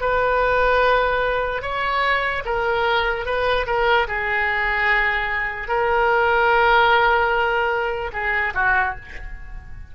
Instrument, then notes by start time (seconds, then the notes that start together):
oboe
0.00 B4
1.62 C#5
2.45 A#4
3.25 B4
3.66 A#4
4.07 G#4
5.68 A#4
8.12 G#4
8.54 F#4